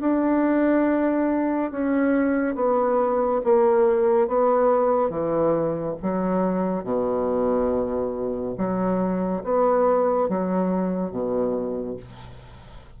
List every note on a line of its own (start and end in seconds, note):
0.00 1.71 D4
1.71 2.55 C#4
2.55 3.41 B3
3.44 4.27 A#3
4.27 5.09 B3
5.09 5.95 E3
6.02 6.83 F#3
6.83 8.55 B2
8.57 9.43 F#3
9.43 10.29 B3
10.29 11.10 F#3
11.10 11.96 B2